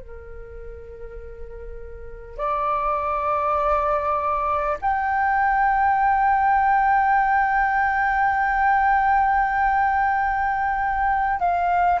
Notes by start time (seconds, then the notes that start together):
0.00 A#4
2.37 D5
4.81 G5
11.39 F5